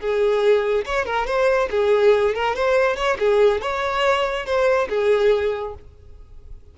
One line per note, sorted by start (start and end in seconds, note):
0.00 0.85 G#4
0.85 1.05 C#5
1.05 1.26 A#4
1.26 1.69 C5
1.71 2.35 G#4
2.35 2.56 A#4
2.56 2.96 C5
2.96 3.17 C#5
3.19 3.61 G#4
3.61 4.46 C#5
4.46 4.88 C5
4.89 5.74 G#4